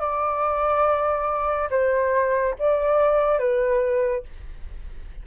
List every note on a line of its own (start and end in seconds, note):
0.00 1.69 D5
1.70 2.55 C5
2.59 3.38 D5
3.38 4.23 B4